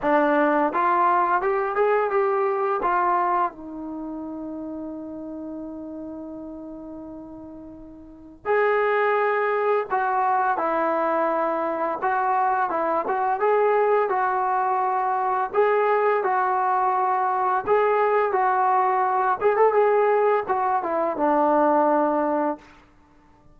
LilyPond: \new Staff \with { instrumentName = "trombone" } { \time 4/4 \tempo 4 = 85 d'4 f'4 g'8 gis'8 g'4 | f'4 dis'2.~ | dis'1 | gis'2 fis'4 e'4~ |
e'4 fis'4 e'8 fis'8 gis'4 | fis'2 gis'4 fis'4~ | fis'4 gis'4 fis'4. gis'16 a'16 | gis'4 fis'8 e'8 d'2 | }